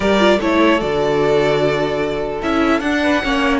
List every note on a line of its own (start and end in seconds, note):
0.00 0.38 G3
0.00 0.19 G4
0.00 0.38 A#4
0.00 0.39 D5
0.19 0.39 F4
0.38 0.81 A3
0.38 0.79 E4
0.38 3.00 A4
0.38 0.80 C#5
0.79 2.42 D3
0.79 2.40 F#4
0.79 2.41 D5
2.42 2.80 C#4
2.42 2.82 E4
2.42 2.80 E5
2.80 3.20 D4
2.80 3.23 D4
2.80 3.59 F#5
3.03 3.23 B4
3.23 3.59 A#3
3.23 3.59 C#4
3.23 3.59 C#5